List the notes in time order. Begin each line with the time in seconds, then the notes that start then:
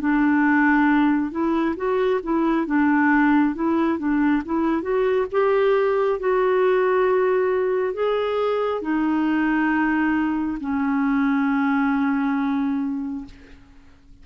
0.00 D4
1.31 E4
1.76 F#4
2.23 E4
2.66 D4
3.55 E4
3.98 D4
4.45 E4
4.82 F#4
5.31 G4
6.20 F#4
7.93 G#4
8.82 D#4
10.60 C#4